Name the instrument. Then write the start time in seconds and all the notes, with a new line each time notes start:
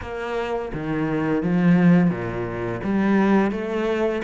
cello
0.01 A#3
0.73 D#3
1.42 F3
2.10 A#2
2.83 G3
3.51 A3